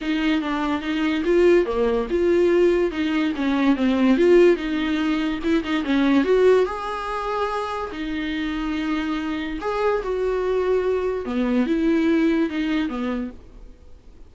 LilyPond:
\new Staff \with { instrumentName = "viola" } { \time 4/4 \tempo 4 = 144 dis'4 d'4 dis'4 f'4 | ais4 f'2 dis'4 | cis'4 c'4 f'4 dis'4~ | dis'4 e'8 dis'8 cis'4 fis'4 |
gis'2. dis'4~ | dis'2. gis'4 | fis'2. b4 | e'2 dis'4 b4 | }